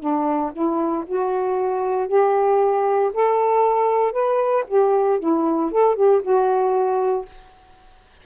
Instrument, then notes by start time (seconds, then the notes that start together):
saxophone
0.00 D4
0.53 E4
1.07 F#4
2.08 G4
3.14 A4
4.13 B4
4.68 G4
5.20 E4
5.71 A4
5.96 G4
6.23 F#4